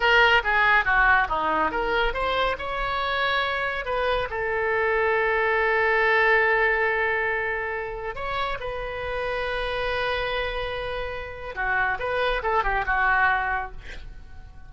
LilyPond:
\new Staff \with { instrumentName = "oboe" } { \time 4/4 \tempo 4 = 140 ais'4 gis'4 fis'4 dis'4 | ais'4 c''4 cis''2~ | cis''4 b'4 a'2~ | a'1~ |
a'2. cis''4 | b'1~ | b'2. fis'4 | b'4 a'8 g'8 fis'2 | }